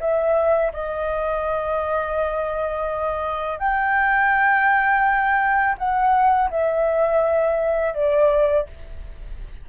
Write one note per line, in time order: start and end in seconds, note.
0.00 0.72 E5
0.73 3.59 D#5
3.59 5.76 G5
5.78 6.50 F#5
6.51 7.94 E5
7.94 8.66 D5